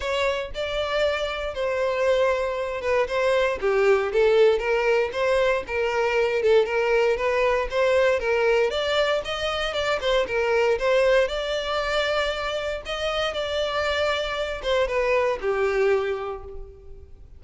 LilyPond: \new Staff \with { instrumentName = "violin" } { \time 4/4 \tempo 4 = 117 cis''4 d''2 c''4~ | c''4. b'8 c''4 g'4 | a'4 ais'4 c''4 ais'4~ | ais'8 a'8 ais'4 b'4 c''4 |
ais'4 d''4 dis''4 d''8 c''8 | ais'4 c''4 d''2~ | d''4 dis''4 d''2~ | d''8 c''8 b'4 g'2 | }